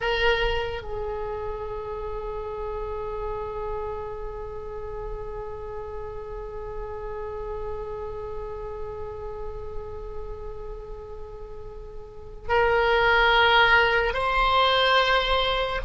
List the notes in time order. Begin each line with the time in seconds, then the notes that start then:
0.00 A#4
0.82 G#4
12.48 A#4
14.13 C5